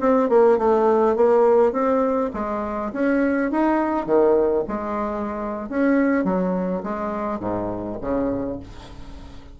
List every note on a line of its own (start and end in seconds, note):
0.00 0.29 C4
0.29 0.58 A#3
0.58 1.16 A3
1.16 1.72 A#3
1.72 2.31 C4
2.34 2.92 G#3
2.93 3.51 C#4
3.51 4.06 D#4
4.06 4.64 D#3
4.68 5.69 G#3
5.69 6.24 C#4
6.24 6.82 F#3
6.83 7.40 G#3
7.40 7.98 G#2
8.01 8.59 C#3